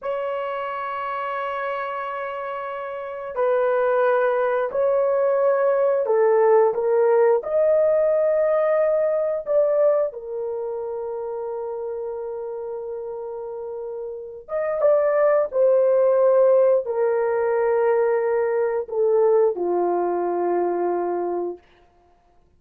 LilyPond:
\new Staff \with { instrumentName = "horn" } { \time 4/4 \tempo 4 = 89 cis''1~ | cis''4 b'2 cis''4~ | cis''4 a'4 ais'4 dis''4~ | dis''2 d''4 ais'4~ |
ais'1~ | ais'4. dis''8 d''4 c''4~ | c''4 ais'2. | a'4 f'2. | }